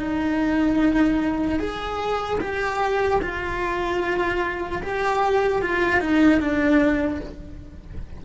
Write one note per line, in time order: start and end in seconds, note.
0.00 1.60 D#4
1.60 2.40 G#4
2.41 3.21 G4
3.22 4.82 F4
4.83 5.62 G4
5.62 6.01 F4
6.01 6.41 D#4
6.41 7.21 D4